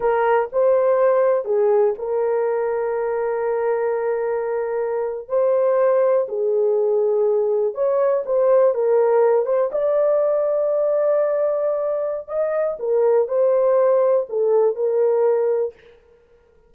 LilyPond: \new Staff \with { instrumentName = "horn" } { \time 4/4 \tempo 4 = 122 ais'4 c''2 gis'4 | ais'1~ | ais'2~ ais'8. c''4~ c''16~ | c''8. gis'2. cis''16~ |
cis''8. c''4 ais'4. c''8 d''16~ | d''1~ | d''4 dis''4 ais'4 c''4~ | c''4 a'4 ais'2 | }